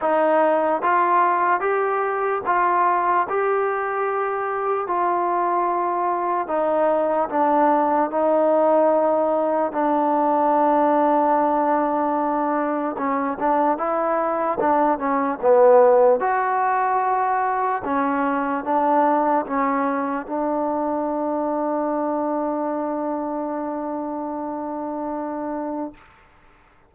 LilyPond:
\new Staff \with { instrumentName = "trombone" } { \time 4/4 \tempo 4 = 74 dis'4 f'4 g'4 f'4 | g'2 f'2 | dis'4 d'4 dis'2 | d'1 |
cis'8 d'8 e'4 d'8 cis'8 b4 | fis'2 cis'4 d'4 | cis'4 d'2.~ | d'1 | }